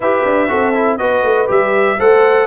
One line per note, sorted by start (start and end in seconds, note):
0.00 0.22 E4
0.00 0.48 G4
0.00 0.49 B4
0.00 0.97 E5
0.24 0.49 D4
0.48 0.99 C4
0.48 0.72 F#4
0.48 0.98 A4
0.75 0.99 E4
0.97 1.22 B3
0.97 1.47 F#4
0.97 1.98 B4
0.97 1.47 D#5
1.22 1.47 A3
1.47 1.99 G3
1.47 1.96 G4
1.47 1.99 E5
1.98 2.47 A3
1.98 2.47 A4
1.98 2.47 C5
1.98 2.47 F#5